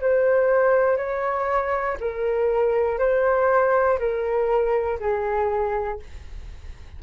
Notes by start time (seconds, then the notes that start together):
0.00 C5
0.96 C#5
2.00 A#4
2.98 C5
3.99 A#4
4.99 G#4